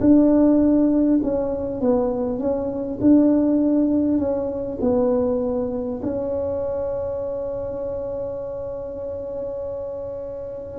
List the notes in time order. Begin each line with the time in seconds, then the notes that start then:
0.00 D4
1.22 C#4
1.81 B3
2.38 C#4
3.01 D4
4.18 C#4
4.81 B3
6.02 C#4